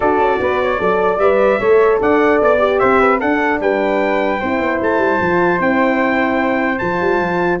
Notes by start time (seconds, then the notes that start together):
0.00 D4 F#4 A4 D5
0.18 C#4
0.40 B3 B4
0.61 C#5
0.78 F#3 A4 D5
1.18 G3 B4 E5
1.59 A3 A4 C#5
2.00 D4 D5 F#5
2.42 B3 D5
2.58 G4
2.78 C4 C5 E5
3.00 B4
3.19 D4 A4 F#5
3.60 G3 B4 G5
4.40 C4 E4 C5
4.60 B3
4.81 A3 A5
4.97 G3
5.20 F3 F4
5.57 C4 E4 G5
6.78 F3 F4 A5
7.00 G3
7.19 F3